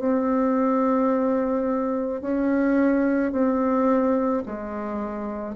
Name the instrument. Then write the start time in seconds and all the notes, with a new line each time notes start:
bassoon
0.00 C4
2.22 C#4
3.33 C4
4.46 G#3